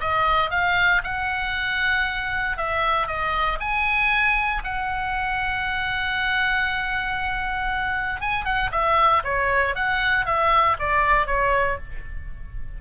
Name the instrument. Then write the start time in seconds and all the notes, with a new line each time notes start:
oboe
0.00 D#5
0.50 F5
1.03 F#5
2.57 E5
3.07 D#5
3.60 G#5
4.64 F#5
8.20 G#5
8.44 F#5
8.71 E5
9.24 C#5
9.75 F#5
10.25 E5
10.79 D5
11.26 C#5